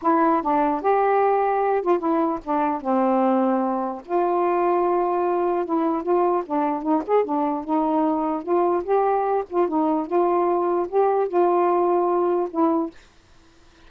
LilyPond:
\new Staff \with { instrumentName = "saxophone" } { \time 4/4 \tempo 4 = 149 e'4 d'4 g'2~ | g'8 f'8 e'4 d'4 c'4~ | c'2 f'2~ | f'2 e'4 f'4 |
d'4 dis'8 gis'8 d'4 dis'4~ | dis'4 f'4 g'4. f'8 | dis'4 f'2 g'4 | f'2. e'4 | }